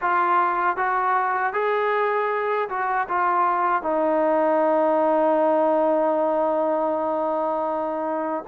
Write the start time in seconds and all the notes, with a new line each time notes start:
0.01 F4
0.77 F#4
1.53 G#4
2.69 F#4
3.08 F4
3.82 D#4